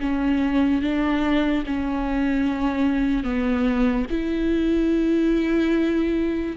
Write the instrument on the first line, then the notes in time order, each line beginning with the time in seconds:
viola
0.00 C#4
0.81 D4
1.66 C#4
3.24 B3
4.10 E4